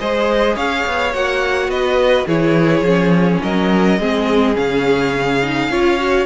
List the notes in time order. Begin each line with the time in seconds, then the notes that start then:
0.00 G#3 G#4 C5 D#5
0.56 C#4 C#5 F5
0.86 B3
1.14 A#3 F#4 F#5
1.68 B3 B4 D#5
2.27 E3 E4 G#4 C#5
2.82 F3 C#4
3.42 F#3 A#4 D#5
4.00 G#3 C4 G#4
4.55 C#3 C#4 F5
5.43 D#4
5.69 C#4 F4 C#5
5.99 F#4